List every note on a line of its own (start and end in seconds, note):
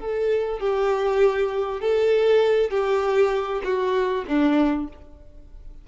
0.00 0.60 A4
0.60 1.81 G4
1.81 2.71 A4
2.71 3.62 G4
3.64 4.25 F#4
4.28 4.88 D4